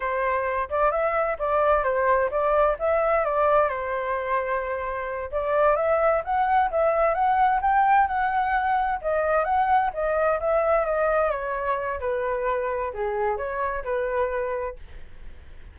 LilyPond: \new Staff \with { instrumentName = "flute" } { \time 4/4 \tempo 4 = 130 c''4. d''8 e''4 d''4 | c''4 d''4 e''4 d''4 | c''2.~ c''8 d''8~ | d''8 e''4 fis''4 e''4 fis''8~ |
fis''8 g''4 fis''2 dis''8~ | dis''8 fis''4 dis''4 e''4 dis''8~ | dis''8 cis''4. b'2 | gis'4 cis''4 b'2 | }